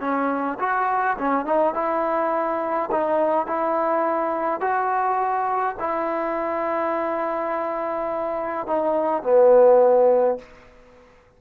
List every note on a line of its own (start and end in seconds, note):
0.00 0.58 C#4
0.59 1.17 F#4
1.17 1.45 C#4
1.45 1.74 D#4
1.74 2.89 E4
2.91 3.46 D#4
3.46 4.60 E4
4.60 5.76 F#4
5.79 8.67 E4
8.67 9.23 D#4
9.23 10.38 B3